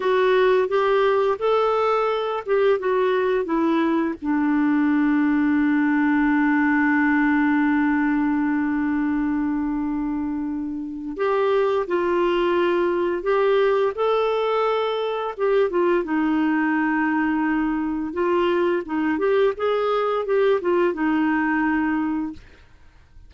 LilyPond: \new Staff \with { instrumentName = "clarinet" } { \time 4/4 \tempo 4 = 86 fis'4 g'4 a'4. g'8 | fis'4 e'4 d'2~ | d'1~ | d'1 |
g'4 f'2 g'4 | a'2 g'8 f'8 dis'4~ | dis'2 f'4 dis'8 g'8 | gis'4 g'8 f'8 dis'2 | }